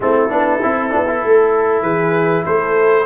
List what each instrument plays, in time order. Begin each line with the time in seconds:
0.00 tuba A3, trombone C4, horn E4, trumpet A4
0.29 tuba B3, trombone D4
0.62 tuba C4, trombone E4
0.90 trombone D4
0.96 tuba B3
1.07 trombone E4
1.24 tuba A3, horn A4
1.82 tuba E3, horn G#4, trumpet B4
2.45 tuba A3, horn A4, trumpet C5